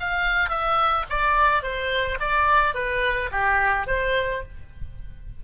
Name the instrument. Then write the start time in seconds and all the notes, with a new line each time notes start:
oboe
0.00 F5
0.50 E5
1.10 D5
1.63 C5
2.20 D5
2.75 B4
3.32 G4
3.87 C5